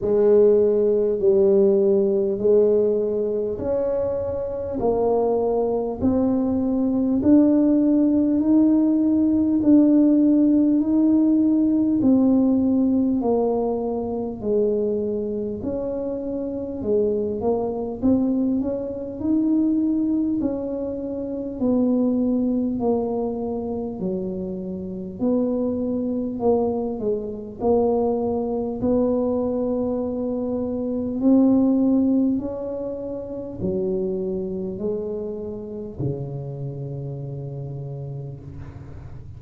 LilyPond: \new Staff \with { instrumentName = "tuba" } { \time 4/4 \tempo 4 = 50 gis4 g4 gis4 cis'4 | ais4 c'4 d'4 dis'4 | d'4 dis'4 c'4 ais4 | gis4 cis'4 gis8 ais8 c'8 cis'8 |
dis'4 cis'4 b4 ais4 | fis4 b4 ais8 gis8 ais4 | b2 c'4 cis'4 | fis4 gis4 cis2 | }